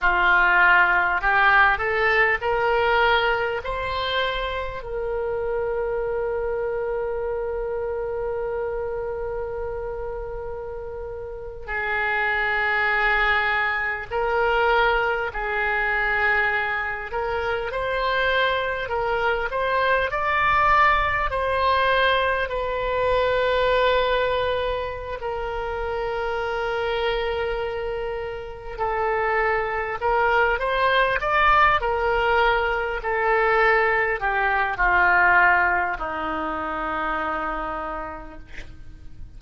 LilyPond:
\new Staff \with { instrumentName = "oboe" } { \time 4/4 \tempo 4 = 50 f'4 g'8 a'8 ais'4 c''4 | ais'1~ | ais'4.~ ais'16 gis'2 ais'16~ | ais'8. gis'4. ais'8 c''4 ais'16~ |
ais'16 c''8 d''4 c''4 b'4~ b'16~ | b'4 ais'2. | a'4 ais'8 c''8 d''8 ais'4 a'8~ | a'8 g'8 f'4 dis'2 | }